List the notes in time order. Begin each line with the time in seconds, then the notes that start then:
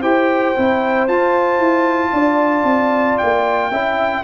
0.00 E4 G4 C5 G5
0.56 C4 E4
1.08 F4 A5
1.59 E4
2.12 D4 D5
2.64 C4
3.18 A#3 G5
3.71 C#4 E4 E5